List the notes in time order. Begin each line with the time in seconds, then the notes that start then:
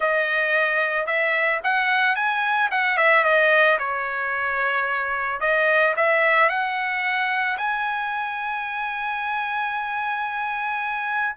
0.00 D#5
1.06 E5
1.63 F#5
2.15 G#5
2.71 F#5
2.97 E5
3.23 D#5
3.78 C#5
5.40 D#5
5.96 E5
6.49 F#5
7.57 G#5